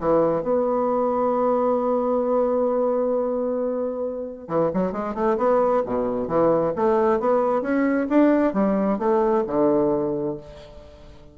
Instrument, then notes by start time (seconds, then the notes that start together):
bassoon
0.00 E3
0.42 B3
4.48 E3
4.73 F#3
4.92 G#3
5.14 A3
5.37 B3
5.86 B2
6.27 E3
6.75 A3
7.20 B3
7.61 C#4
8.09 D4
8.53 G3
8.98 A3
9.47 D3